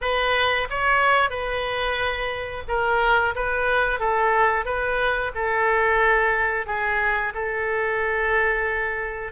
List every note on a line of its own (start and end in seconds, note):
0.01 0.68 B4
0.70 1.30 C#5
1.30 2.63 B4
2.68 3.34 A#4
3.35 3.99 B4
3.99 4.65 A4
4.65 5.32 B4
5.35 6.66 A4
6.66 7.33 G#4
7.34 9.32 A4